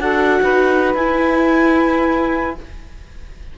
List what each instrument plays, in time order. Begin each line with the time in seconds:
0.00 cello D4, viola F#4, saxophone A4, clarinet F#5
0.42 cello D#4, saxophone B4
0.94 cello E4, viola E4, clarinet G#5